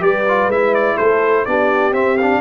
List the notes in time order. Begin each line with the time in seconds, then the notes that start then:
0.00 G3 G4 B4 D5
0.28 F4
0.47 G#3 E4 E5
0.74 D5
0.96 A3 A4 C5
1.45 B3 D4 G4 D5
1.92 C4 E5
2.18 D4 F5